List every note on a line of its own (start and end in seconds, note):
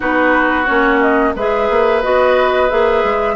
0.00 0.68 B3
0.00 0.64 D#4
0.00 1.33 F#4
0.00 0.65 B4
0.65 1.35 A#3
0.65 1.34 C#4
0.65 0.99 C#5
1.00 1.34 D#5
1.35 1.69 G#3
1.35 2.02 G#4
1.35 3.35 B4
1.35 2.02 E5
1.70 2.03 A#3
2.02 2.71 B3
2.02 2.69 F#4
2.02 2.69 D#5
2.69 3.04 A#3
2.69 3.35 G#4
2.69 3.35 E5
3.04 3.35 G#3